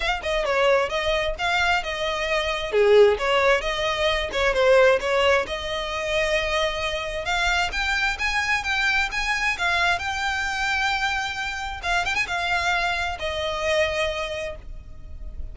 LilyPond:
\new Staff \with { instrumentName = "violin" } { \time 4/4 \tempo 4 = 132 f''8 dis''8 cis''4 dis''4 f''4 | dis''2 gis'4 cis''4 | dis''4. cis''8 c''4 cis''4 | dis''1 |
f''4 g''4 gis''4 g''4 | gis''4 f''4 g''2~ | g''2 f''8 g''16 gis''16 f''4~ | f''4 dis''2. | }